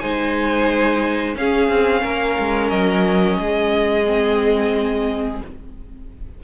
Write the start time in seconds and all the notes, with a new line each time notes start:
0.00 G#3 D#4 C5 G#5
1.35 C#4 G#4 F5
1.69 C4
2.03 A#3 A#4
2.39 G#3
2.70 F#3 D#5
3.39 G#3 G#4
4.07 C4